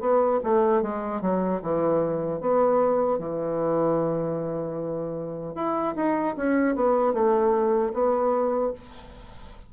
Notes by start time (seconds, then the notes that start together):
0.00 B3
0.43 A3
0.82 G#3
1.21 F#3
1.61 E3
2.40 B3
3.18 E3
5.55 E4
5.95 D#4
6.36 C#4
6.75 B3
7.13 A3
7.93 B3